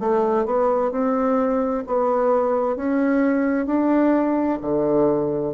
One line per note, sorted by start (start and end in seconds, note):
0.00 0.45 A3
0.45 0.91 B3
0.91 1.84 C4
1.87 2.76 B3
2.76 3.66 C#4
3.66 4.59 D4
4.62 5.54 D3